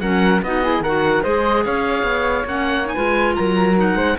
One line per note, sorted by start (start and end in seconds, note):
0.00 0.41 F#3
0.00 0.41 C#4
0.00 0.42 A#4
0.00 0.41 F#5
0.42 0.79 B3
0.42 0.62 D#4
0.42 0.63 F#4
0.42 0.83 D#5
0.62 0.82 E4
0.62 0.82 G#4
0.79 1.20 D#3
0.79 1.23 A#4
0.79 1.23 F#5
0.86 1.24 F#4
1.23 1.66 G#3
1.23 2.45 G#4
1.23 1.63 C5
1.23 1.64 D#5
1.65 2.03 C#4
1.65 2.94 C#5
1.65 2.46 F5
2.03 2.43 B3
2.44 2.95 A#3
2.44 2.85 C#4
2.44 2.88 F#5
2.85 2.95 D#4
2.85 3.35 G#5
2.94 3.37 G#3
2.94 3.75 F4
2.94 3.35 B4
3.35 3.95 F#3
3.35 3.96 A#4
3.35 3.75 A#5
3.75 4.16 D#4
3.75 4.18 F#5
3.95 4.15 G#3
3.95 4.16 C5